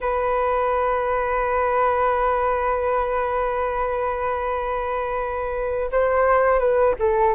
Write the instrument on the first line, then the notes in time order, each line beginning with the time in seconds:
flute
0.01 B4
5.91 C5
6.59 B4
6.99 A4